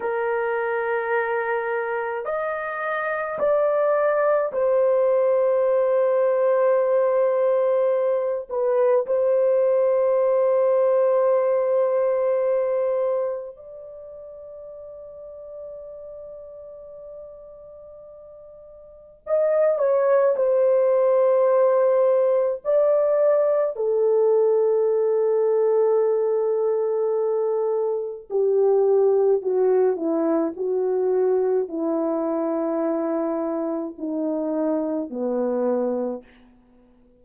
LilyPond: \new Staff \with { instrumentName = "horn" } { \time 4/4 \tempo 4 = 53 ais'2 dis''4 d''4 | c''2.~ c''8 b'8 | c''1 | d''1~ |
d''4 dis''8 cis''8 c''2 | d''4 a'2.~ | a'4 g'4 fis'8 e'8 fis'4 | e'2 dis'4 b4 | }